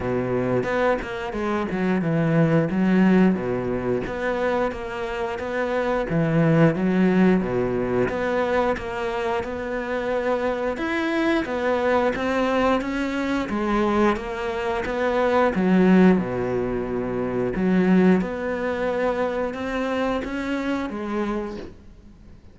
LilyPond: \new Staff \with { instrumentName = "cello" } { \time 4/4 \tempo 4 = 89 b,4 b8 ais8 gis8 fis8 e4 | fis4 b,4 b4 ais4 | b4 e4 fis4 b,4 | b4 ais4 b2 |
e'4 b4 c'4 cis'4 | gis4 ais4 b4 fis4 | b,2 fis4 b4~ | b4 c'4 cis'4 gis4 | }